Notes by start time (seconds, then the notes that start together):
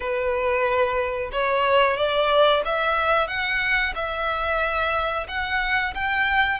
0.00 B4
1.32 C#5
1.97 D5
2.65 E5
3.27 F#5
3.95 E5
5.27 F#5
5.94 G5